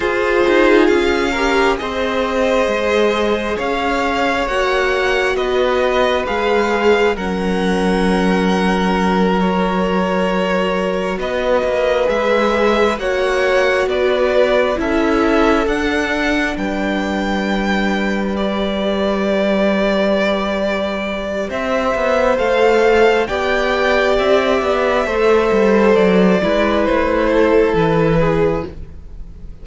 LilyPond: <<
  \new Staff \with { instrumentName = "violin" } { \time 4/4 \tempo 4 = 67 c''4 f''4 dis''2 | f''4 fis''4 dis''4 f''4 | fis''2~ fis''8 cis''4.~ | cis''8 dis''4 e''4 fis''4 d''8~ |
d''8 e''4 fis''4 g''4.~ | g''8 d''2.~ d''8 | e''4 f''4 g''4 e''4~ | e''4 d''4 c''4 b'4 | }
  \new Staff \with { instrumentName = "violin" } { \time 4/4 gis'4. ais'8 c''2 | cis''2 b'2 | ais'1~ | ais'8 b'2 cis''4 b'8~ |
b'8 a'2 b'4.~ | b'1 | c''2 d''2 | c''4. b'4 a'4 gis'8 | }
  \new Staff \with { instrumentName = "viola" } { \time 4/4 f'4. g'8 gis'2~ | gis'4 fis'2 gis'4 | cis'2~ cis'8 fis'4.~ | fis'4. gis'4 fis'4.~ |
fis'8 e'4 d'2~ d'8~ | d'8 g'2.~ g'8~ | g'4 a'4 g'2 | a'4. e'2~ e'8 | }
  \new Staff \with { instrumentName = "cello" } { \time 4/4 f'8 dis'8 cis'4 c'4 gis4 | cis'4 ais4 b4 gis4 | fis1~ | fis8 b8 ais8 gis4 ais4 b8~ |
b8 cis'4 d'4 g4.~ | g1 | c'8 b8 a4 b4 c'8 b8 | a8 g8 fis8 gis8 a4 e4 | }
>>